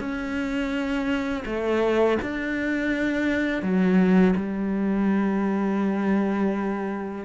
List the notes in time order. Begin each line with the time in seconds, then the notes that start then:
0.00 C#4
1.46 A3
2.22 D4
3.63 F#3
4.36 G3